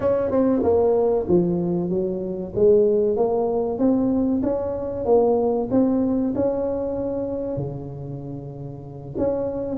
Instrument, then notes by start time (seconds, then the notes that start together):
tuba
0.00 C#4
0.30 C4
0.63 A#3
1.28 F3
1.89 F#3
2.55 G#3
3.16 A#3
3.78 C4
4.42 C#4
5.05 A#3
5.70 C4
6.35 C#4
7.56 C#3
9.17 C#4